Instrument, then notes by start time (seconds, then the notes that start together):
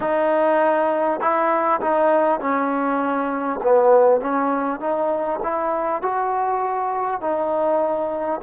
trombone
0.00 D#4
1.20 E4
1.80 D#4
2.39 C#4
3.62 B3
4.21 C#4
4.80 D#4
5.42 E4
6.02 F#4
7.21 D#4